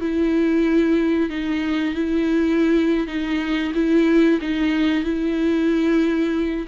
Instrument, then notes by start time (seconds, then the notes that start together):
viola
0.00 E4
1.29 D#4
1.94 E4
3.07 D#4
3.74 E4
4.41 D#4
5.03 E4